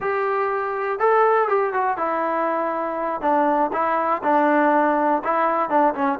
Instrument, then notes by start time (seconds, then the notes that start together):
trombone
0.00 G4
0.99 A4
1.48 G4
1.73 F#4
1.97 E4
3.21 D4
3.72 E4
4.23 D4
5.24 E4
5.69 D4
5.94 C#4